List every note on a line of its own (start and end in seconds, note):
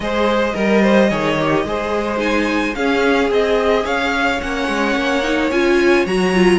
0.00 0.53 G#3
0.00 0.54 G#4
0.00 0.54 C5
0.00 2.19 D#5
0.54 1.10 G3
0.54 1.09 A#4
0.54 0.82 A#4
0.82 1.09 C5
1.09 1.64 D#3
1.09 1.37 G#4
1.09 1.64 C#5
1.39 1.66 G4
1.64 2.74 G#3
1.64 2.17 G#4
1.64 2.76 C5
2.17 2.72 D#4
2.17 2.74 G#5
2.74 3.29 C#4
2.74 3.27 C#4
2.74 3.84 G#4
2.74 3.29 F5
3.27 3.85 C4
3.27 4.37 G#4
3.27 3.86 D#5
3.84 4.40 C#4
3.84 6.59 C#5
3.84 4.40 F5
4.40 4.68 A#3
4.40 5.23 C#4
4.40 5.50 F#5
4.68 4.95 G#3
4.95 5.50 A#3
5.23 5.50 D#4
5.51 6.06 C#4
5.51 6.07 F4
5.51 6.06 G#5
6.06 6.59 F#3
6.06 6.33 F#4
6.06 6.59 A#5
6.33 6.59 F4